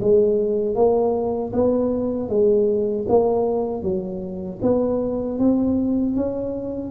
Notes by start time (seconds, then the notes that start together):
0.00 G#3
0.75 A#3
1.52 B3
2.29 G#3
3.08 A#3
3.82 F#3
4.62 B3
5.39 C4
6.16 C#4